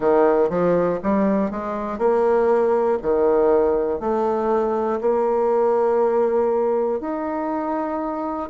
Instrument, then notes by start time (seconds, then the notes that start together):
bassoon
0.00 D#3
0.49 F3
1.03 G3
1.50 G#3
1.98 A#3
3.02 D#3
4.00 A3
5.00 A#3
7.00 D#4